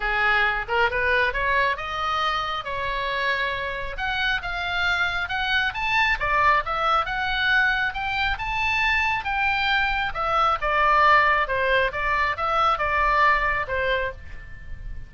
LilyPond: \new Staff \with { instrumentName = "oboe" } { \time 4/4 \tempo 4 = 136 gis'4. ais'8 b'4 cis''4 | dis''2 cis''2~ | cis''4 fis''4 f''2 | fis''4 a''4 d''4 e''4 |
fis''2 g''4 a''4~ | a''4 g''2 e''4 | d''2 c''4 d''4 | e''4 d''2 c''4 | }